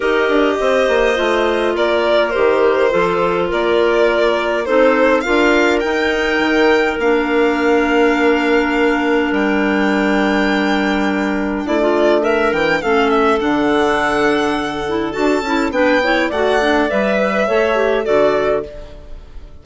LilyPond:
<<
  \new Staff \with { instrumentName = "violin" } { \time 4/4 \tempo 4 = 103 dis''2. d''4 | c''2 d''2 | c''4 f''4 g''2 | f''1 |
g''1 | d''4 e''8 g''8 f''8 e''8 fis''4~ | fis''2 a''4 g''4 | fis''4 e''2 d''4 | }
  \new Staff \with { instrumentName = "clarinet" } { \time 4/4 ais'4 c''2 ais'4~ | ais'4 a'4 ais'2 | a'4 ais'2.~ | ais'1~ |
ais'1 | e'16 f'8. ais'4 a'2~ | a'2. b'8 cis''8 | d''4. b'8 cis''4 a'4 | }
  \new Staff \with { instrumentName = "clarinet" } { \time 4/4 g'2 f'2 | g'4 f'2. | dis'4 f'4 dis'2 | d'1~ |
d'1~ | d'2 cis'4 d'4~ | d'4. e'8 fis'8 e'8 d'8 e'8 | fis'8 d'8 b'4 a'8 g'8 fis'4 | }
  \new Staff \with { instrumentName = "bassoon" } { \time 4/4 dis'8 d'8 c'8 ais8 a4 ais4 | dis4 f4 ais2 | c'4 d'4 dis'4 dis4 | ais1 |
g1 | a4. e8 a4 d4~ | d2 d'8 cis'8 b4 | a4 g4 a4 d4 | }
>>